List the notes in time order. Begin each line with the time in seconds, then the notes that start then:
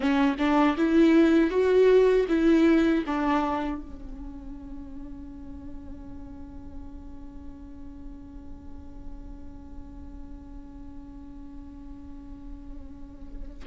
0.00 C#4
0.38 D4
0.77 E4
1.50 F#4
2.28 E4
3.06 D4
3.81 C#4